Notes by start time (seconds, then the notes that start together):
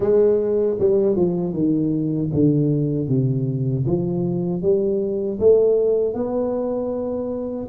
0.00 G#3
0.79 G3
1.16 F3
1.53 D#3
2.33 D3
3.08 C3
3.86 F3
4.62 G3
5.39 A3
6.14 B3